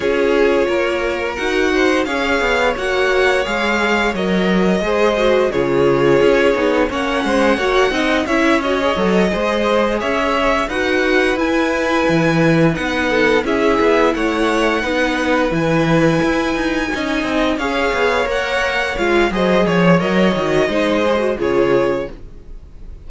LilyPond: <<
  \new Staff \with { instrumentName = "violin" } { \time 4/4 \tempo 4 = 87 cis''2 fis''4 f''4 | fis''4 f''4 dis''2 | cis''2 fis''2 | e''8 dis''2 e''4 fis''8~ |
fis''8 gis''2 fis''4 e''8~ | e''8 fis''2 gis''4.~ | gis''4. f''4 fis''4 f''8 | dis''8 cis''8 dis''2 cis''4 | }
  \new Staff \with { instrumentName = "violin" } { \time 4/4 gis'4 ais'4. c''8 cis''4~ | cis''2. c''4 | gis'2 cis''8 c''8 cis''8 dis''8 | cis''4. c''4 cis''4 b'8~ |
b'2. a'8 gis'8~ | gis'8 cis''4 b'2~ b'8~ | b'8 dis''4 cis''2~ cis''8 | c''8 cis''4. c''4 gis'4 | }
  \new Staff \with { instrumentName = "viola" } { \time 4/4 f'2 fis'4 gis'4 | fis'4 gis'4 ais'4 gis'8 fis'8 | f'4. dis'8 cis'4 fis'8 dis'8 | e'8 fis'16 gis'16 a'8 gis'2 fis'8~ |
fis'8 e'2 dis'4 e'8~ | e'4. dis'4 e'4.~ | e'8 dis'4 gis'4 ais'4 f'8 | gis'4 ais'8 fis'8 dis'8 gis'16 fis'16 f'4 | }
  \new Staff \with { instrumentName = "cello" } { \time 4/4 cis'4 ais4 dis'4 cis'8 b8 | ais4 gis4 fis4 gis4 | cis4 cis'8 b8 ais8 gis8 ais8 c'8 | cis'4 fis8 gis4 cis'4 dis'8~ |
dis'8 e'4 e4 b4 cis'8 | b8 a4 b4 e4 e'8 | dis'8 cis'8 c'8 cis'8 b8 ais4 gis8 | fis8 f8 fis8 dis8 gis4 cis4 | }
>>